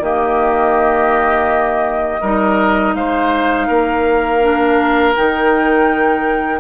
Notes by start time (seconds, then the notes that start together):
0.00 D#3 A#3 G4 D#5
2.21 G3 D#4 A#4
2.95 G#3 C5 F5
3.68 A#3 A#4
4.42 D4
5.16 D#3 D#4 G5